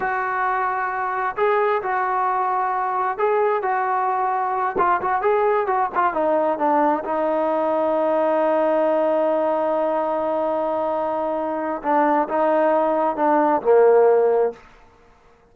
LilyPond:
\new Staff \with { instrumentName = "trombone" } { \time 4/4 \tempo 4 = 132 fis'2. gis'4 | fis'2. gis'4 | fis'2~ fis'8 f'8 fis'8 gis'8~ | gis'8 fis'8 f'8 dis'4 d'4 dis'8~ |
dis'1~ | dis'1~ | dis'2 d'4 dis'4~ | dis'4 d'4 ais2 | }